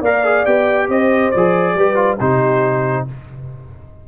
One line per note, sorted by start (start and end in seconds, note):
0.00 0.44 A#3
0.00 0.24 A#4
0.00 0.87 D5
0.00 0.45 F5
0.24 0.46 G#4
0.45 0.88 B3
0.45 1.33 G4
0.45 0.89 G5
0.88 1.32 C4
0.88 1.75 C5
0.88 1.31 D#5
1.31 1.74 F3
1.31 1.78 G#4
1.31 2.18 D5
1.74 2.18 G3
1.74 1.95 G4
1.74 2.19 B4
1.95 2.16 F4
2.19 3.07 C3
2.19 3.07 D#4
2.19 3.06 G4
2.19 3.06 C5